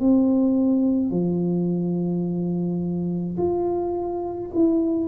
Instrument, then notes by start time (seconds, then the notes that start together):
tuba
0.00 C4
1.11 F3
3.38 F4
4.54 E4